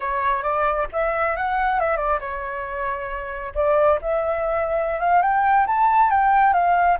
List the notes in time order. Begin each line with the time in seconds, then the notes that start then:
0.00 C#5
0.42 D5
0.92 E5
1.36 F#5
1.80 E5
1.97 D5
2.19 C#5
3.54 D5
4.01 E5
5.00 F5
5.22 G5
5.66 A5
6.10 G5
6.53 F5